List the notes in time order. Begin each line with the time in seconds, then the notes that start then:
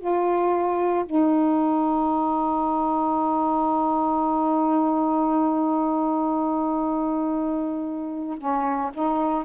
0.00 F4
1.06 D#4
8.38 C#4
8.94 D#4